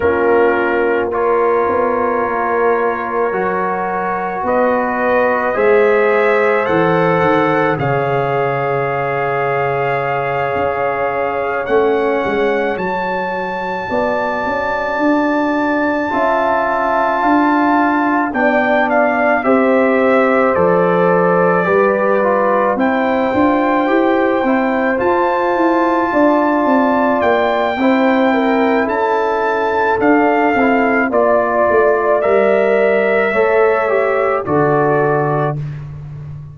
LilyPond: <<
  \new Staff \with { instrumentName = "trumpet" } { \time 4/4 \tempo 4 = 54 ais'4 cis''2. | dis''4 e''4 fis''4 f''4~ | f''2~ f''8 fis''4 a''8~ | a''1~ |
a''8 g''8 f''8 e''4 d''4.~ | d''8 g''2 a''4.~ | a''8 g''4. a''4 f''4 | d''4 e''2 d''4 | }
  \new Staff \with { instrumentName = "horn" } { \time 4/4 f'4 ais'2. | b'4 c''2 cis''4~ | cis''1~ | cis''8 d''2 e''4 f''8~ |
f''8 d''4 c''2 b'8~ | b'8 c''2. d''8~ | d''4 c''8 ais'8 a'2 | d''2 cis''4 a'4 | }
  \new Staff \with { instrumentName = "trombone" } { \time 4/4 cis'4 f'2 fis'4~ | fis'4 gis'4 a'4 gis'4~ | gis'2~ gis'8 cis'4 fis'8~ | fis'2~ fis'8 f'4.~ |
f'8 d'4 g'4 a'4 g'8 | f'8 e'8 f'8 g'8 e'8 f'4.~ | f'4 e'2 d'8 e'8 | f'4 ais'4 a'8 g'8 fis'4 | }
  \new Staff \with { instrumentName = "tuba" } { \time 4/4 ais4. b8 ais4 fis4 | b4 gis4 e8 dis8 cis4~ | cis4. cis'4 a8 gis8 fis8~ | fis8 b8 cis'8 d'4 cis'4 d'8~ |
d'8 b4 c'4 f4 g8~ | g8 c'8 d'8 e'8 c'8 f'8 e'8 d'8 | c'8 ais8 c'4 cis'4 d'8 c'8 | ais8 a8 g4 a4 d4 | }
>>